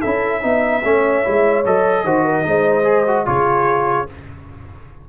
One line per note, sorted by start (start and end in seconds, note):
0.00 0.43 C#4
0.00 0.41 E4
0.00 0.41 A4
0.00 1.63 E5
0.41 0.83 B3
0.41 0.81 D#4
0.41 0.83 E5
0.83 1.24 A3
0.83 1.23 C#4
0.83 2.04 C#5
1.23 1.65 G#3
1.23 1.64 E4
1.65 2.03 F#3
1.65 2.05 A4
1.65 3.26 D#5
2.03 2.44 D#3
2.03 2.42 F#4
2.03 2.24 C5
2.24 2.44 A#4
2.42 3.27 G#3
2.42 2.83 D#4
2.42 3.27 C5
2.83 3.03 G#4
3.07 3.25 F#4
3.25 4.08 C#3
3.25 4.06 F4
3.25 4.08 G#4
3.25 4.07 C#5